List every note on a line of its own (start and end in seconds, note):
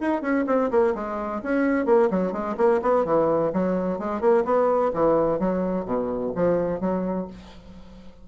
0.00 0.21 D#4
0.21 0.45 C#4
0.46 0.70 C4
0.71 0.94 A#3
0.95 1.41 G#3
1.43 1.86 C#4
1.86 2.09 A#3
2.10 2.32 F#3
2.32 2.55 G#3
2.57 2.81 A#3
2.82 3.04 B3
3.04 3.51 E3
3.53 3.99 F#3
3.99 4.20 G#3
4.20 4.44 A#3
4.44 4.91 B3
4.93 5.39 E3
5.39 5.85 F#3
5.85 6.32 B2
6.35 6.80 F3
6.80 7.27 F#3